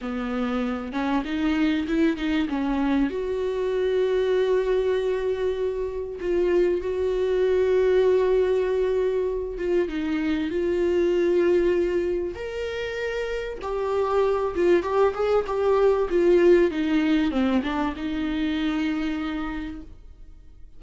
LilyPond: \new Staff \with { instrumentName = "viola" } { \time 4/4 \tempo 4 = 97 b4. cis'8 dis'4 e'8 dis'8 | cis'4 fis'2.~ | fis'2 f'4 fis'4~ | fis'2.~ fis'8 f'8 |
dis'4 f'2. | ais'2 g'4. f'8 | g'8 gis'8 g'4 f'4 dis'4 | c'8 d'8 dis'2. | }